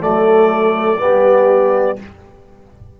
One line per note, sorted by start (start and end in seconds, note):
0.00 1.00 F#3
0.00 0.97 A3
0.00 1.01 A4
0.00 1.99 D5
0.97 1.99 G3
0.97 1.95 B3
0.97 1.99 G4